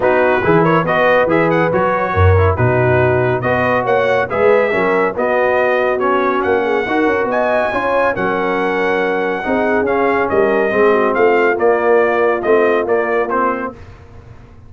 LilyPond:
<<
  \new Staff \with { instrumentName = "trumpet" } { \time 4/4 \tempo 4 = 140 b'4. cis''8 dis''4 e''8 fis''8 | cis''2 b'2 | dis''4 fis''4 e''2 | dis''2 cis''4 fis''4~ |
fis''4 gis''2 fis''4~ | fis''2. f''4 | dis''2 f''4 d''4~ | d''4 dis''4 d''4 c''4 | }
  \new Staff \with { instrumentName = "horn" } { \time 4/4 fis'4 gis'8 ais'8 b'2~ | b'4 ais'4 fis'2 | b'4 cis''4 b'4 ais'4 | fis'2.~ fis'8 gis'8 |
ais'4 dis''4 cis''4 ais'4~ | ais'2 gis'2 | ais'4 gis'8 fis'8 f'2~ | f'1 | }
  \new Staff \with { instrumentName = "trombone" } { \time 4/4 dis'4 e'4 fis'4 gis'4 | fis'4. e'8 dis'2 | fis'2 gis'4 cis'4 | b2 cis'2 |
fis'2 f'4 cis'4~ | cis'2 dis'4 cis'4~ | cis'4 c'2 ais4~ | ais4 c'4 ais4 c'4 | }
  \new Staff \with { instrumentName = "tuba" } { \time 4/4 b4 e4 b4 e4 | fis4 fis,4 b,2 | b4 ais4 gis4 fis4 | b2. ais4 |
dis'8 cis'8 b4 cis'4 fis4~ | fis2 c'4 cis'4 | g4 gis4 a4 ais4~ | ais4 a4 ais2 | }
>>